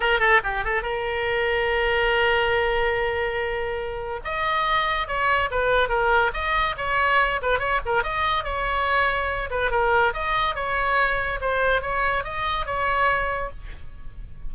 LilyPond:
\new Staff \with { instrumentName = "oboe" } { \time 4/4 \tempo 4 = 142 ais'8 a'8 g'8 a'8 ais'2~ | ais'1~ | ais'2 dis''2 | cis''4 b'4 ais'4 dis''4 |
cis''4. b'8 cis''8 ais'8 dis''4 | cis''2~ cis''8 b'8 ais'4 | dis''4 cis''2 c''4 | cis''4 dis''4 cis''2 | }